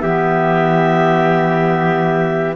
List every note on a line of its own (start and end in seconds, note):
0.00 2.55 E3
0.00 2.55 B3
0.00 2.55 G4
0.00 2.55 E5